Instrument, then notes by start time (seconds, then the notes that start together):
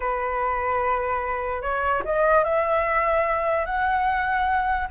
flute
0.00 B4
1.62 C#5
2.05 D#5
2.44 E5
3.65 F#5